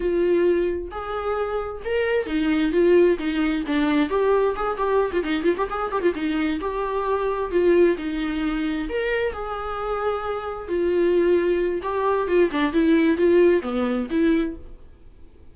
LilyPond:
\new Staff \with { instrumentName = "viola" } { \time 4/4 \tempo 4 = 132 f'2 gis'2 | ais'4 dis'4 f'4 dis'4 | d'4 g'4 gis'8 g'8. f'16 dis'8 | f'16 g'16 gis'8 g'16 f'16 dis'4 g'4.~ |
g'8 f'4 dis'2 ais'8~ | ais'8 gis'2. f'8~ | f'2 g'4 f'8 d'8 | e'4 f'4 b4 e'4 | }